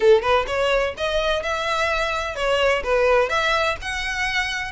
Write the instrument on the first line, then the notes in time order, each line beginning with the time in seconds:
violin
0.00 A4
0.21 B4
0.47 C#5
0.97 D#5
1.43 E5
2.35 C#5
2.83 B4
3.29 E5
3.81 F#5